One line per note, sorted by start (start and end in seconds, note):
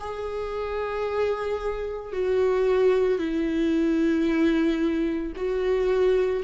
0.00 2.12 G#4
2.12 3.18 F#4
3.18 5.32 E4
5.36 6.43 F#4